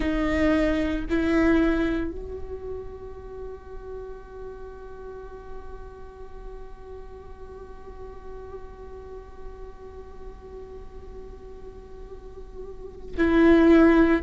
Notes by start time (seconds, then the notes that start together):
0.00 D#4
1.09 E4
2.11 F#4
13.17 E4